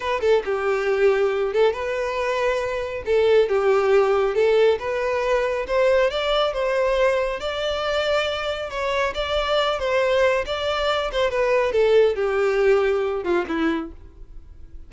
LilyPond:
\new Staff \with { instrumentName = "violin" } { \time 4/4 \tempo 4 = 138 b'8 a'8 g'2~ g'8 a'8 | b'2. a'4 | g'2 a'4 b'4~ | b'4 c''4 d''4 c''4~ |
c''4 d''2. | cis''4 d''4. c''4. | d''4. c''8 b'4 a'4 | g'2~ g'8 f'8 e'4 | }